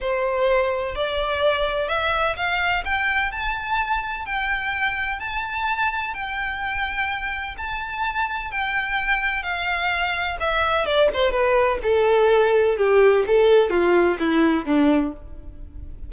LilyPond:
\new Staff \with { instrumentName = "violin" } { \time 4/4 \tempo 4 = 127 c''2 d''2 | e''4 f''4 g''4 a''4~ | a''4 g''2 a''4~ | a''4 g''2. |
a''2 g''2 | f''2 e''4 d''8 c''8 | b'4 a'2 g'4 | a'4 f'4 e'4 d'4 | }